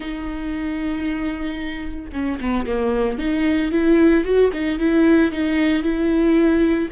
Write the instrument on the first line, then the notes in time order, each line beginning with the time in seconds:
viola
0.00 D#4
2.12 C#4
2.40 B3
2.66 A#3
3.18 D#4
3.71 E4
4.24 F#4
4.52 D#4
4.78 E4
5.31 D#4
5.82 E4